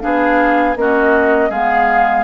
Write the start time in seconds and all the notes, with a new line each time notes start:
0.00 B3 D4 G#4 F5
0.76 A#3 C#4 F#4 D#5
1.49 G#3 B3 G#4 F5